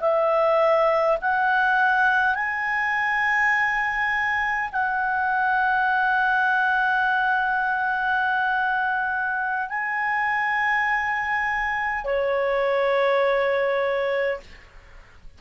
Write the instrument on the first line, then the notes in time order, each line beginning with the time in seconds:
clarinet
0.00 E5
1.21 F#5
2.35 G#5
4.72 F#5
9.70 G#5
12.05 C#5